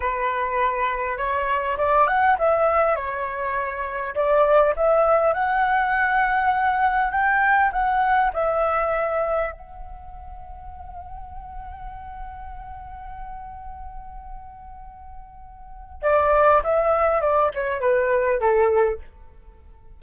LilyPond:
\new Staff \with { instrumentName = "flute" } { \time 4/4 \tempo 4 = 101 b'2 cis''4 d''8 fis''8 | e''4 cis''2 d''4 | e''4 fis''2. | g''4 fis''4 e''2 |
fis''1~ | fis''1~ | fis''2. d''4 | e''4 d''8 cis''8 b'4 a'4 | }